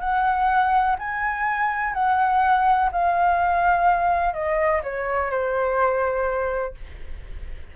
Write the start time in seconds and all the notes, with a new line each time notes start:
0.00 F#5
0.99 G#5
1.94 F#5
2.92 F5
4.34 D#5
4.83 C#5
5.30 C5